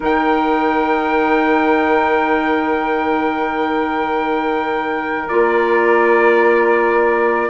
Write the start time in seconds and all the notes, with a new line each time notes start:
0.00 D#3 D#4 A#4 G5
5.28 A#3 F4 D5